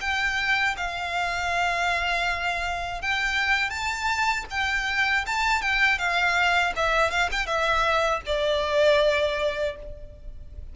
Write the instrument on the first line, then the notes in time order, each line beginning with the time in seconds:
violin
0.00 G5
0.76 F5
3.01 G5
3.70 A5
4.50 G5
5.26 A5
5.61 G5
5.98 F5
6.75 E5
7.10 F5
7.31 G5
7.46 E5
8.26 D5